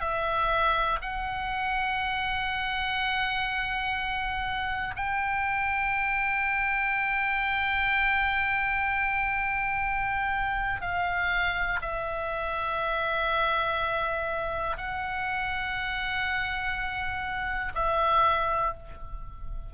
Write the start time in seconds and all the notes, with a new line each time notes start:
0.00 E5
1.01 F#5
4.95 G5
10.81 F5
11.81 E5
14.77 F#5
17.75 E5